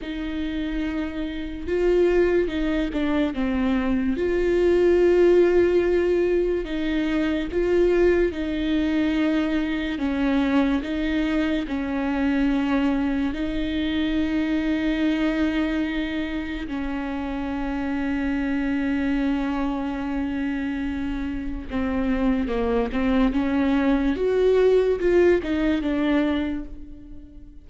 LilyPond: \new Staff \with { instrumentName = "viola" } { \time 4/4 \tempo 4 = 72 dis'2 f'4 dis'8 d'8 | c'4 f'2. | dis'4 f'4 dis'2 | cis'4 dis'4 cis'2 |
dis'1 | cis'1~ | cis'2 c'4 ais8 c'8 | cis'4 fis'4 f'8 dis'8 d'4 | }